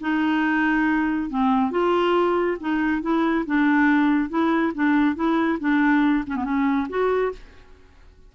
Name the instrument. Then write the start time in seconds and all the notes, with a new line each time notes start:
clarinet
0.00 D#4
1.29 C4
1.71 F4
2.60 D#4
3.02 E4
3.46 D4
4.29 E4
4.74 D4
5.15 E4
5.59 D4
6.26 C#4
6.36 B3
6.44 C#4
6.89 F#4